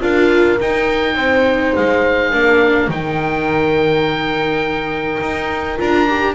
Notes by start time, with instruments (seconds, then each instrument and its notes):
0.00 double bass D4, viola F4, horn A#4, oboe F5
0.59 double bass D#4, viola D#4, oboe G5
1.15 double bass C4, horn C5
1.75 double bass G#3, oboe F5
2.30 double bass A#3, viola D4, horn A#4
2.88 double bass D#3, viola D#4, oboe G5
5.21 double bass D#4
5.77 double bass D4, viola F4, oboe A#5
6.09 viola G4